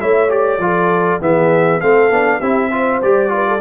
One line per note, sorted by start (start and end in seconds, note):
0.00 0.58 A3
0.00 0.29 E4
0.00 0.62 C#5
0.00 0.30 E5
0.29 0.59 G4
0.29 1.21 D5
0.58 1.18 F3
0.58 1.20 F4
0.58 1.21 A4
1.20 1.81 E3
1.20 1.80 B3
1.20 1.81 G#4
1.20 1.80 E5
1.80 2.09 A3
1.80 2.11 C4
1.80 2.39 A4
1.80 2.40 F5
2.09 2.39 B3
2.09 2.41 D4
2.39 3.01 C4
2.39 2.71 E4
2.39 2.69 G4
2.39 3.00 E5
2.71 3.01 F4
2.71 3.31 C5
3.02 3.61 G3
3.02 3.28 G4
3.02 3.61 D5
3.28 3.58 F4
3.28 3.47 B4
3.47 3.61 A4